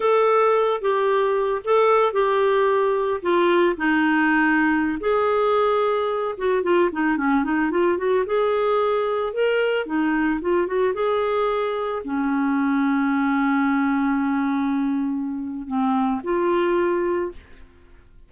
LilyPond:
\new Staff \with { instrumentName = "clarinet" } { \time 4/4 \tempo 4 = 111 a'4. g'4. a'4 | g'2 f'4 dis'4~ | dis'4~ dis'16 gis'2~ gis'8 fis'16~ | fis'16 f'8 dis'8 cis'8 dis'8 f'8 fis'8 gis'8.~ |
gis'4~ gis'16 ais'4 dis'4 f'8 fis'16~ | fis'16 gis'2 cis'4.~ cis'16~ | cis'1~ | cis'4 c'4 f'2 | }